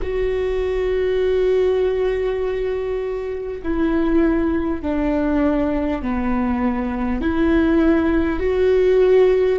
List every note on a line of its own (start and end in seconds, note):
0.02 3.62 F#4
3.63 4.82 E4
4.82 6.02 D4
6.02 7.21 B3
7.21 8.39 E4
8.39 9.59 F#4